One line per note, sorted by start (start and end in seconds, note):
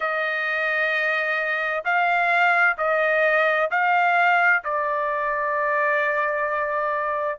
0.00 1.83 D#5
1.84 2.77 F5
2.77 3.69 D#5
3.70 4.63 F5
4.64 7.39 D5